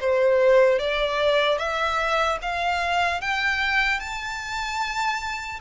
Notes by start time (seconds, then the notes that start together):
0.00 C5
0.79 D5
1.58 E5
2.42 F5
3.21 G5
4.00 A5